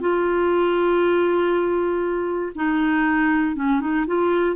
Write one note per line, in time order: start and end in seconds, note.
0.00 2.52 F4
2.55 3.55 D#4
3.55 3.80 C#4
3.80 4.05 D#4
4.06 4.56 F4